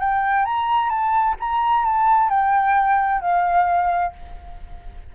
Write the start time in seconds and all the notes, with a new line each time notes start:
0.00 G5
0.45 A#5
0.90 A5
1.40 A#5
1.85 A5
2.30 G5
3.21 F5